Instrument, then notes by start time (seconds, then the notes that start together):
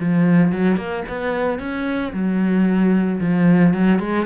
cello
0.00 F3
0.52 F#3
0.77 A#3
1.08 B3
1.59 C#4
2.13 F#3
3.20 F3
3.73 F#3
3.99 G#3